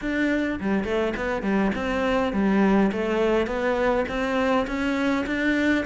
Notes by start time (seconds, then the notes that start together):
0.01 D4
0.60 G3
0.84 A3
1.16 B3
1.42 G3
1.75 C4
2.32 G3
2.92 A3
3.46 B3
4.08 C4
4.67 C#4
5.26 D4